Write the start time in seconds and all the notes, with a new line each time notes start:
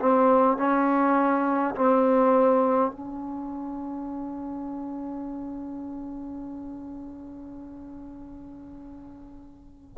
0.00 C4
0.58 C#4
1.76 C4
2.91 C#4